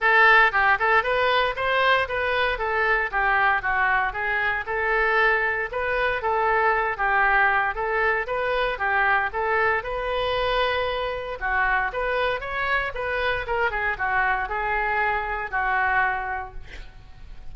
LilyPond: \new Staff \with { instrumentName = "oboe" } { \time 4/4 \tempo 4 = 116 a'4 g'8 a'8 b'4 c''4 | b'4 a'4 g'4 fis'4 | gis'4 a'2 b'4 | a'4. g'4. a'4 |
b'4 g'4 a'4 b'4~ | b'2 fis'4 b'4 | cis''4 b'4 ais'8 gis'8 fis'4 | gis'2 fis'2 | }